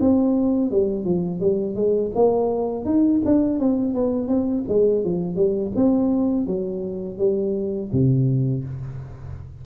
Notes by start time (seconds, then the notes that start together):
0.00 C4
0.71 G3
1.04 F3
1.40 G3
1.75 G#3
2.15 A#3
2.85 D#4
3.25 D4
3.59 C4
3.94 B3
4.27 C4
4.68 G#3
5.04 F3
5.36 G3
5.76 C4
6.47 F#3
7.18 G3
7.92 C3